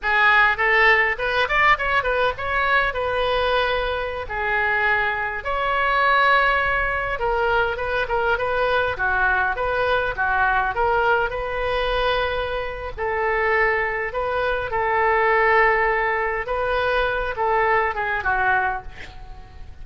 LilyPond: \new Staff \with { instrumentName = "oboe" } { \time 4/4 \tempo 4 = 102 gis'4 a'4 b'8 d''8 cis''8 b'8 | cis''4 b'2~ b'16 gis'8.~ | gis'4~ gis'16 cis''2~ cis''8.~ | cis''16 ais'4 b'8 ais'8 b'4 fis'8.~ |
fis'16 b'4 fis'4 ais'4 b'8.~ | b'2 a'2 | b'4 a'2. | b'4. a'4 gis'8 fis'4 | }